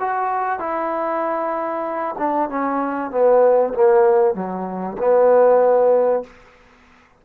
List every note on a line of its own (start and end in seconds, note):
0.00 0.59 F#4
0.59 2.16 E4
2.18 2.49 D4
2.50 3.11 C#4
3.11 3.74 B3
3.74 4.35 A#3
4.35 4.97 F#3
4.99 6.24 B3